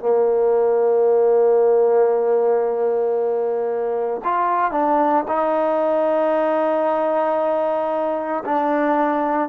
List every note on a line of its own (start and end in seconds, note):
0.00 4.21 A#3
4.24 4.72 F4
4.72 5.24 D4
5.28 8.44 D#4
8.45 9.49 D4